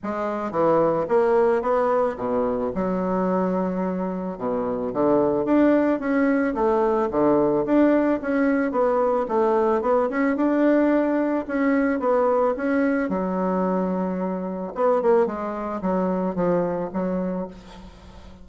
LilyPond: \new Staff \with { instrumentName = "bassoon" } { \time 4/4 \tempo 4 = 110 gis4 e4 ais4 b4 | b,4 fis2. | b,4 d4 d'4 cis'4 | a4 d4 d'4 cis'4 |
b4 a4 b8 cis'8 d'4~ | d'4 cis'4 b4 cis'4 | fis2. b8 ais8 | gis4 fis4 f4 fis4 | }